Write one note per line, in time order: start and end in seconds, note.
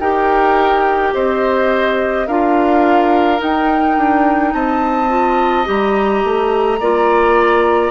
0.00 1.13 D#4
0.00 2.28 G4
0.00 1.14 A#4
0.00 1.14 G5
1.14 2.28 C4
1.14 2.27 C5
1.14 2.27 D#5
2.27 3.41 D4
2.27 3.38 F4
2.27 4.54 A#4
2.27 3.40 F5
3.38 5.08 D#4
3.38 3.97 D#4
3.38 4.54 G5
3.97 4.54 D4
4.54 5.67 C4
4.54 6.80 D#5
4.54 5.67 A5
5.09 5.65 F4
5.65 6.25 G3
5.65 6.78 G4
5.65 7.92 A#5
6.25 6.80 A3
6.80 7.92 A#3
6.80 7.92 F4
6.80 7.92 D5